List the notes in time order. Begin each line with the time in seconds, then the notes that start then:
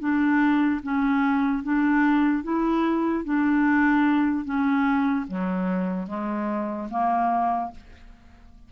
0.00 D4
0.83 C#4
1.64 D4
2.44 E4
3.25 D4
4.45 C#4
5.28 F#3
6.08 G#3
6.91 A#3